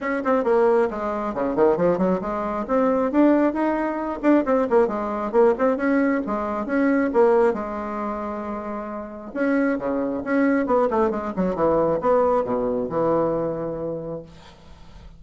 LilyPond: \new Staff \with { instrumentName = "bassoon" } { \time 4/4 \tempo 4 = 135 cis'8 c'8 ais4 gis4 cis8 dis8 | f8 fis8 gis4 c'4 d'4 | dis'4. d'8 c'8 ais8 gis4 | ais8 c'8 cis'4 gis4 cis'4 |
ais4 gis2.~ | gis4 cis'4 cis4 cis'4 | b8 a8 gis8 fis8 e4 b4 | b,4 e2. | }